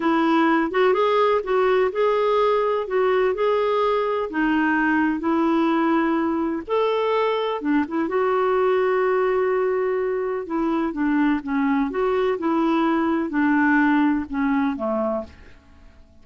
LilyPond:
\new Staff \with { instrumentName = "clarinet" } { \time 4/4 \tempo 4 = 126 e'4. fis'8 gis'4 fis'4 | gis'2 fis'4 gis'4~ | gis'4 dis'2 e'4~ | e'2 a'2 |
d'8 e'8 fis'2.~ | fis'2 e'4 d'4 | cis'4 fis'4 e'2 | d'2 cis'4 a4 | }